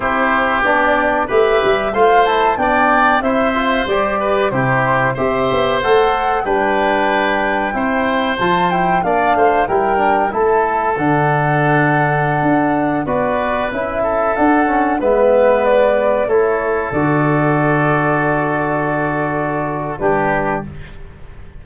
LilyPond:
<<
  \new Staff \with { instrumentName = "flute" } { \time 4/4 \tempo 4 = 93 c''4 d''4 e''4 f''8 a''8 | g''4 e''4 d''4 c''4 | e''4 fis''4 g''2~ | g''4 a''8 g''8 f''4 g''4 |
a''4 fis''2.~ | fis''16 d''4 e''4 fis''4 e''8.~ | e''16 d''4 cis''4 d''4.~ d''16~ | d''2. b'4 | }
  \new Staff \with { instrumentName = "oboe" } { \time 4/4 g'2 b'4 c''4 | d''4 c''4. b'8 g'4 | c''2 b'2 | c''2 d''8 c''8 ais'4 |
a'1~ | a'16 b'4. a'4. b'8.~ | b'4~ b'16 a'2~ a'8.~ | a'2. g'4 | }
  \new Staff \with { instrumentName = "trombone" } { \time 4/4 e'4 d'4 g'4 f'8 e'8 | d'4 e'8 f'8 g'4 e'4 | g'4 a'4 d'2 | e'4 f'8 e'8 d'4 e'8 d'8 |
e'4 d'2.~ | d'16 fis'4 e'4 d'8 cis'8 b8.~ | b4~ b16 e'4 fis'4.~ fis'16~ | fis'2. d'4 | }
  \new Staff \with { instrumentName = "tuba" } { \time 4/4 c'4 b4 a8 g8 a4 | b4 c'4 g4 c4 | c'8 b8 a4 g2 | c'4 f4 ais8 a8 g4 |
a4 d2~ d16 d'8.~ | d'16 b4 cis'4 d'4 gis8.~ | gis4~ gis16 a4 d4.~ d16~ | d2. g4 | }
>>